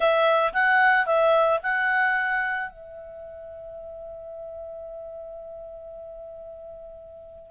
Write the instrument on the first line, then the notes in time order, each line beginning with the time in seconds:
clarinet
0.00 E5
0.53 F#5
1.05 E5
1.62 F#5
2.69 E5